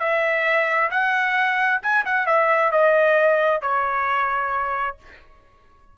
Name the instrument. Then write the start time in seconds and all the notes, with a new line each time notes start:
trumpet
0.00 E5
0.91 F#5
1.83 G#5
2.05 F#5
2.27 E5
2.72 D#5
3.62 C#5